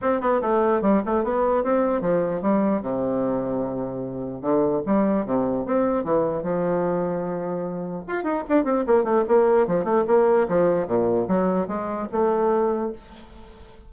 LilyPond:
\new Staff \with { instrumentName = "bassoon" } { \time 4/4 \tempo 4 = 149 c'8 b8 a4 g8 a8 b4 | c'4 f4 g4 c4~ | c2. d4 | g4 c4 c'4 e4 |
f1 | f'8 dis'8 d'8 c'8 ais8 a8 ais4 | f8 a8 ais4 f4 ais,4 | fis4 gis4 a2 | }